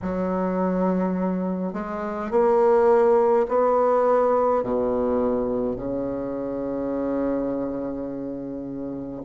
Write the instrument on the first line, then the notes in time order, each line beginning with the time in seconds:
bassoon
0.02 F#3
1.73 G#3
2.31 A#3
3.48 B3
4.63 B2
5.76 C#3